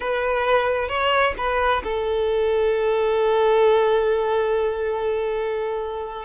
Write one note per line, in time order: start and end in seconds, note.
0.00 0.88 B4
0.88 1.34 C#5
1.37 1.83 B4
1.83 6.25 A4